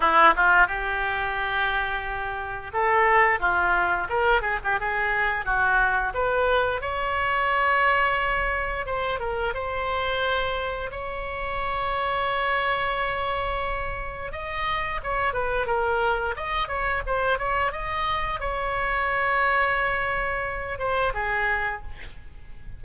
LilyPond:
\new Staff \with { instrumentName = "oboe" } { \time 4/4 \tempo 4 = 88 e'8 f'8 g'2. | a'4 f'4 ais'8 gis'16 g'16 gis'4 | fis'4 b'4 cis''2~ | cis''4 c''8 ais'8 c''2 |
cis''1~ | cis''4 dis''4 cis''8 b'8 ais'4 | dis''8 cis''8 c''8 cis''8 dis''4 cis''4~ | cis''2~ cis''8 c''8 gis'4 | }